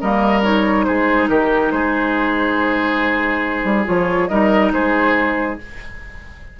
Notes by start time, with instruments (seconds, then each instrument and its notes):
0.00 bassoon G3, clarinet A#3, oboe A#4, flute D#5
0.43 clarinet D#4, flute C#5
0.84 bassoon G#3, oboe G#4, flute C5
1.29 bassoon D#3, oboe G4, flute A#4
1.71 bassoon G#3, oboe G#4, flute C5
3.64 bassoon G3
3.85 bassoon F3, clarinet F4, flute C#5
4.28 bassoon G3, clarinet D#4, oboe A#4, flute D#5
4.72 bassoon G#3, oboe G#4, flute C5